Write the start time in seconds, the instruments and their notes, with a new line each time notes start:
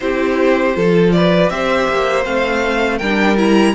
0.00 cello C4, viola E4, violin G4 C5
0.74 cello F3, viola F4, violin A4
1.12 violin B4 D5
1.49 cello C4, viola G4, violin C5 E5
1.88 cello A#3
2.23 cello A3, viola C4, violin F5
2.97 cello G3, viola D4, violin A#4 G5
3.36 viola E4, violin A#5